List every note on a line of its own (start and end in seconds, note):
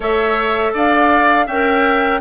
0.00 0.73 A3
0.00 1.47 A4
0.00 0.73 C#5
0.00 0.75 E5
0.73 1.47 D4
0.73 1.46 D5
0.73 1.47 F5
1.46 2.21 C#4
1.46 2.21 A#4
1.46 2.20 E5
1.46 2.21 G5